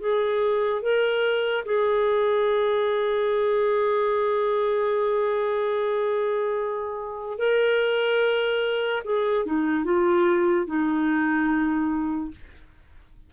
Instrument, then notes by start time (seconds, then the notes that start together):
clarinet
0.00 G#4
0.82 A#4
1.66 G#4
7.39 A#4
9.05 G#4
9.46 D#4
9.84 F4
10.67 D#4